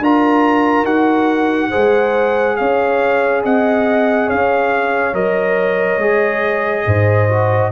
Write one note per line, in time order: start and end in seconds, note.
0.00 0.84 D4
0.00 0.86 F4
0.00 1.70 A#4
0.00 0.86 A#5
0.84 1.70 D#4
0.84 1.72 F#4
0.84 2.57 F#5
1.70 5.14 G#4
1.70 2.56 C5
1.77 2.61 G#3
2.57 3.45 C#4
2.57 3.45 C#5
2.57 3.42 F5
3.45 4.31 C4
3.45 4.27 D#5
3.45 4.30 F#5
4.27 5.14 C#4
4.27 6.84 C#5
4.27 5.15 F5
5.14 5.98 F#3
5.14 6.00 A#4
5.14 7.72 D#5
5.98 6.83 G#3
5.98 7.29 G#4
6.87 7.72 G#2
6.87 7.72 C5
7.29 7.72 F#4